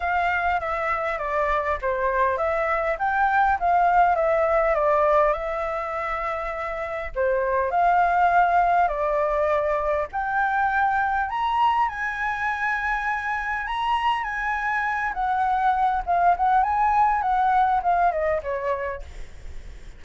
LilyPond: \new Staff \with { instrumentName = "flute" } { \time 4/4 \tempo 4 = 101 f''4 e''4 d''4 c''4 | e''4 g''4 f''4 e''4 | d''4 e''2. | c''4 f''2 d''4~ |
d''4 g''2 ais''4 | gis''2. ais''4 | gis''4. fis''4. f''8 fis''8 | gis''4 fis''4 f''8 dis''8 cis''4 | }